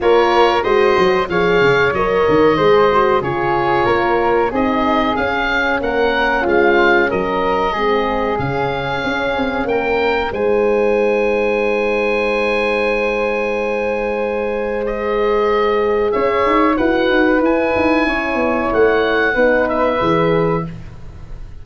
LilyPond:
<<
  \new Staff \with { instrumentName = "oboe" } { \time 4/4 \tempo 4 = 93 cis''4 dis''4 f''4 dis''4~ | dis''4 cis''2 dis''4 | f''4 fis''4 f''4 dis''4~ | dis''4 f''2 g''4 |
gis''1~ | gis''2. dis''4~ | dis''4 e''4 fis''4 gis''4~ | gis''4 fis''4. e''4. | }
  \new Staff \with { instrumentName = "flute" } { \time 4/4 ais'4 c''4 cis''2 | c''4 gis'4 ais'4 gis'4~ | gis'4 ais'4 f'4 ais'4 | gis'2. ais'4 |
c''1~ | c''1~ | c''4 cis''4 b'2 | cis''2 b'2 | }
  \new Staff \with { instrumentName = "horn" } { \time 4/4 f'4 fis'4 gis'4 ais'4 | gis'8 fis'8 f'2 dis'4 | cis'1 | c'4 cis'2. |
dis'1~ | dis'2. gis'4~ | gis'2 fis'4 e'4~ | e'2 dis'4 gis'4 | }
  \new Staff \with { instrumentName = "tuba" } { \time 4/4 ais4 gis8 fis8 f8 cis8 fis8 dis8 | gis4 cis4 ais4 c'4 | cis'4 ais4 gis4 fis4 | gis4 cis4 cis'8 c'8 ais4 |
gis1~ | gis1~ | gis4 cis'8 dis'8 e'8 dis'8 e'8 dis'8 | cis'8 b8 a4 b4 e4 | }
>>